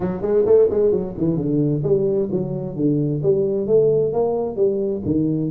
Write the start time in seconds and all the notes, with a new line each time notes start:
0.00 F#3
0.21 G#3
0.45 A3
0.70 G#3
0.91 F#3
1.17 E3
1.36 D3
1.83 G3
2.31 F#3
2.76 D3
3.22 G3
3.66 A3
4.12 A#3
4.56 G3
5.05 D#3